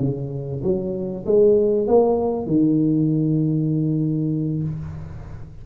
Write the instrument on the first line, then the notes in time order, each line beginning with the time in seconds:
tuba
0.00 C#3
0.64 F#3
1.26 G#3
1.88 A#3
2.47 D#3